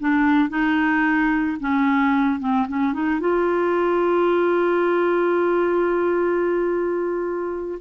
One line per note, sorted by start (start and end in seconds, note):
0.00 0.50 D4
0.50 1.58 D#4
1.60 2.40 C#4
2.40 2.67 C4
2.68 2.93 C#4
2.93 3.20 D#4
3.20 7.79 F4